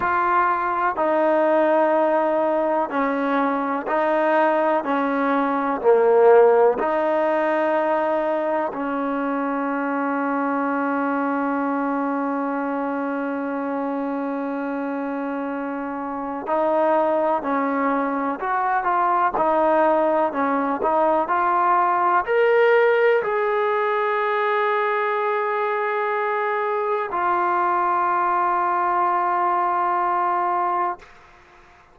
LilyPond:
\new Staff \with { instrumentName = "trombone" } { \time 4/4 \tempo 4 = 62 f'4 dis'2 cis'4 | dis'4 cis'4 ais4 dis'4~ | dis'4 cis'2.~ | cis'1~ |
cis'4 dis'4 cis'4 fis'8 f'8 | dis'4 cis'8 dis'8 f'4 ais'4 | gis'1 | f'1 | }